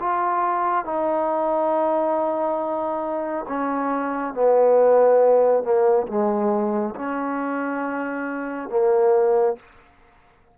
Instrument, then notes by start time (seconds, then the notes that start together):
trombone
0.00 F4
0.85 D#4
3.48 C#4
4.34 B3
5.63 A#3
6.08 G#3
6.95 C#4
8.70 A#3